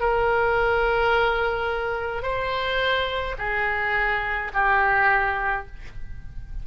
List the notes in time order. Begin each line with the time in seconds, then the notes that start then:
0.00 A#4
2.23 C5
3.39 G#4
4.53 G4